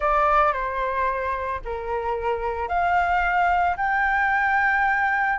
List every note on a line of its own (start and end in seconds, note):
0.00 0.53 D5
0.53 1.61 C5
1.64 2.68 A#4
2.68 3.76 F5
3.76 5.38 G5